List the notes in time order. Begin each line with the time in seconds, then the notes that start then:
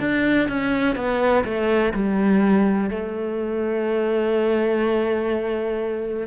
0.00 D4
0.48 C#4
0.96 B3
1.45 A3
1.94 G3
2.90 A3